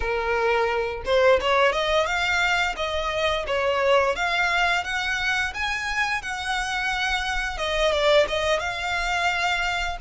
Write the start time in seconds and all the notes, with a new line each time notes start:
0.00 A#4
1.05 C5
1.40 C#5
1.72 D#5
2.06 F5
2.76 D#5
3.47 C#5
4.15 F5
4.84 F#5
5.53 G#5
6.22 F#5
7.57 D#5
7.92 D5
8.28 D#5
8.59 F5